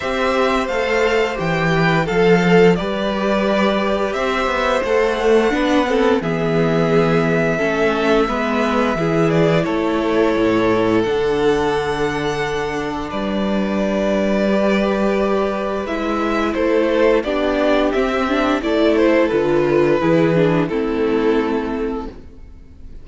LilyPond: <<
  \new Staff \with { instrumentName = "violin" } { \time 4/4 \tempo 4 = 87 e''4 f''4 g''4 f''4 | d''2 e''4 fis''4~ | fis''4 e''2.~ | e''4. d''8 cis''2 |
fis''2. d''4~ | d''2. e''4 | c''4 d''4 e''4 d''8 c''8 | b'2 a'2 | }
  \new Staff \with { instrumentName = "violin" } { \time 4/4 c''2~ c''8 b'8 a'4 | b'2 c''2 | b'8 a'8 gis'2 a'4 | b'4 gis'4 a'2~ |
a'2. b'4~ | b'1 | a'4 g'2 a'4~ | a'4 gis'4 e'2 | }
  \new Staff \with { instrumentName = "viola" } { \time 4/4 g'4 a'4 g'4 a'4 | g'2. a'8 a8 | d'8 c'8 b2 cis'4 | b4 e'2. |
d'1~ | d'4 g'2 e'4~ | e'4 d'4 c'8 d'8 e'4 | f'4 e'8 d'8 c'2 | }
  \new Staff \with { instrumentName = "cello" } { \time 4/4 c'4 a4 e4 f4 | g2 c'8 b8 a4 | b4 e2 a4 | gis4 e4 a4 a,4 |
d2. g4~ | g2. gis4 | a4 b4 c'4 a4 | d4 e4 a2 | }
>>